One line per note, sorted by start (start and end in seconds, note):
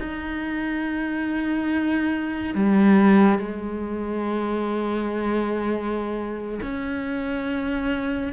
0.00 2.55 D#4
2.55 3.39 G3
3.39 6.60 G#3
6.62 8.33 C#4